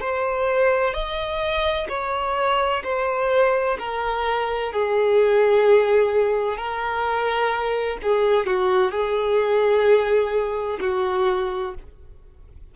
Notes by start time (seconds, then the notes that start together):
0.00 C5
0.93 D#5
1.88 C#5
2.83 C5
3.78 A#4
4.72 G#4
6.57 A#4
8.02 G#4
8.46 F#4
8.91 G#4
10.80 F#4